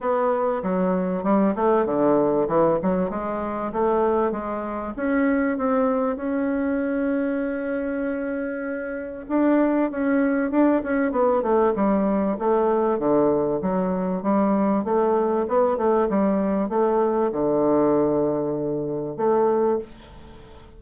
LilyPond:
\new Staff \with { instrumentName = "bassoon" } { \time 4/4 \tempo 4 = 97 b4 fis4 g8 a8 d4 | e8 fis8 gis4 a4 gis4 | cis'4 c'4 cis'2~ | cis'2. d'4 |
cis'4 d'8 cis'8 b8 a8 g4 | a4 d4 fis4 g4 | a4 b8 a8 g4 a4 | d2. a4 | }